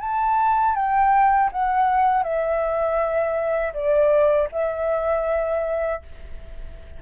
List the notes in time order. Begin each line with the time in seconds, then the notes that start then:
0.00 A5
0.75 G5
1.52 F#5
2.23 E5
3.73 D5
4.52 E5